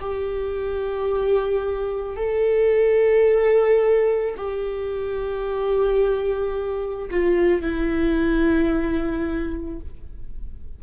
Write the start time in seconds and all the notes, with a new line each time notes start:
0.00 G4
2.17 A4
4.37 G4
7.11 F4
7.62 E4